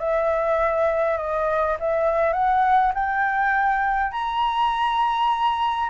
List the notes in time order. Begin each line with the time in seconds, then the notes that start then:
0.00 E5
1.18 D#5
1.80 E5
2.34 F#5
2.95 G5
4.12 A#5